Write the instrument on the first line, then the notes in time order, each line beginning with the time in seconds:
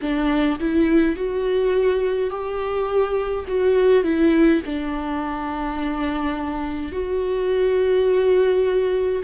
viola
0.01 D4
0.59 E4
1.15 F#4
2.30 G4
3.47 F#4
4.03 E4
4.65 D4
6.92 F#4